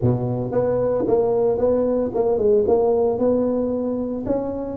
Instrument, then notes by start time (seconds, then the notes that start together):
tuba
0.01 B2
0.51 B3
1.07 A#3
1.58 B3
2.14 A#3
2.37 G#3
2.67 A#3
3.18 B3
4.26 C#4